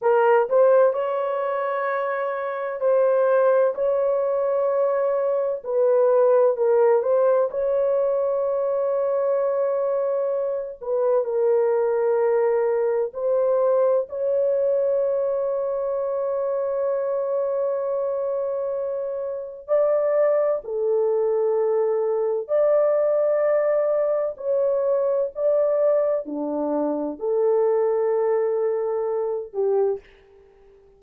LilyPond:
\new Staff \with { instrumentName = "horn" } { \time 4/4 \tempo 4 = 64 ais'8 c''8 cis''2 c''4 | cis''2 b'4 ais'8 c''8 | cis''2.~ cis''8 b'8 | ais'2 c''4 cis''4~ |
cis''1~ | cis''4 d''4 a'2 | d''2 cis''4 d''4 | d'4 a'2~ a'8 g'8 | }